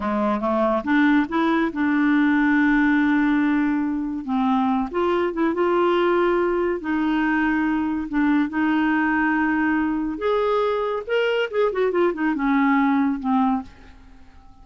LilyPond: \new Staff \with { instrumentName = "clarinet" } { \time 4/4 \tempo 4 = 141 gis4 a4 d'4 e'4 | d'1~ | d'2 c'4. f'8~ | f'8 e'8 f'2. |
dis'2. d'4 | dis'1 | gis'2 ais'4 gis'8 fis'8 | f'8 dis'8 cis'2 c'4 | }